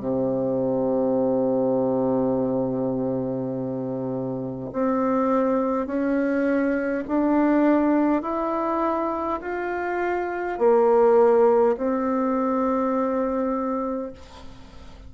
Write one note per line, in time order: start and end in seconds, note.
0.00 4.71 C3
4.73 5.87 C4
5.87 7.04 C#4
7.08 8.22 D4
8.22 9.40 E4
9.42 10.59 F4
10.59 11.76 A#3
11.77 14.12 C4